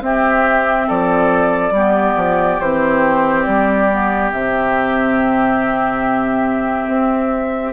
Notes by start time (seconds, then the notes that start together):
0.00 C4 G4 E5
0.87 F3 A4 D5
1.71 G3 B3 G4
2.16 F3
2.59 E3 C4 C5
3.43 G3 D5
3.90 B3
4.31 C3 C4 E5
6.87 C4